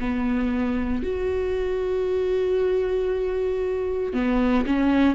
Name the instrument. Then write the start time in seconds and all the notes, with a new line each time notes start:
viola
0.00 B3
1.03 F#4
4.14 B3
4.67 C#4